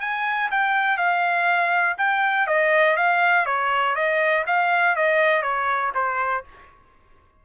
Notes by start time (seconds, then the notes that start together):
0.00 G#5
0.51 G5
0.97 F5
1.98 G5
2.47 D#5
2.97 F5
3.46 C#5
3.95 D#5
4.46 F5
4.96 D#5
5.42 C#5
5.95 C5